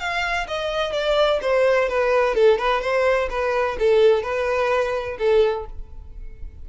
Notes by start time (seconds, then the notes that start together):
0.00 F5
0.48 D#5
0.93 D5
1.42 C5
1.89 B4
2.35 A4
2.59 B4
2.82 C5
3.30 B4
3.79 A4
4.23 B4
5.19 A4